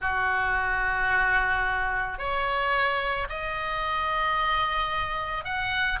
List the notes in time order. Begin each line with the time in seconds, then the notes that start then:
0.01 F#4
2.18 C#5
3.29 D#5
5.44 F#5